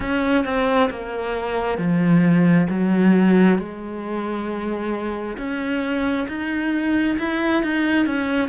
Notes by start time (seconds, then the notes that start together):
0.00 C#4
0.45 C4
0.90 A#3
1.77 F3
2.69 F#3
3.58 G#3
5.37 C#4
6.28 D#4
7.18 E4
7.62 D#4
8.06 C#4